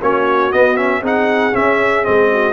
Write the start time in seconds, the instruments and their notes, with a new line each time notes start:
0.00 tuba A#3, trombone C#4, horn F#4, trumpet C#5
0.51 trombone B3, tuba B3, trumpet D#5
0.76 trombone C#4, trumpet E5
1.01 tuba C4, trombone D#4, horn G#4, trumpet F#5
1.52 trombone C#4, tuba C#4, trumpet E5
2.03 tuba G#3, trombone C4, trumpet D#5
2.31 horn F#4